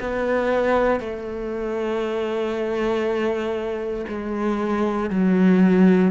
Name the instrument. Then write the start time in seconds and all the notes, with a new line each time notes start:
cello
0.00 B3
1.00 A3
4.08 G#3
5.10 F#3